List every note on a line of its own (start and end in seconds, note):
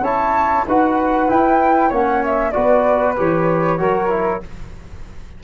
0.00 0.62 C#4
0.00 0.66 E4
0.00 0.65 C#5
0.00 0.65 A5
0.67 1.29 D#4
0.67 1.28 F#4
0.67 1.88 B4
0.67 1.30 F#5
1.28 1.90 E4
1.28 1.91 E4
1.28 1.92 G5
1.88 2.54 A#3
1.88 2.53 C#4
1.88 2.51 C#5
1.88 2.24 F#5
2.24 2.51 E5
2.51 3.18 B3
2.51 3.15 F#4
2.51 3.80 B4
2.51 3.14 D5
3.16 3.79 E3
3.16 3.78 G4
3.16 4.43 C#5
3.78 4.42 F#3
3.78 4.08 F#4
3.78 4.42 A#4
4.08 4.40 E4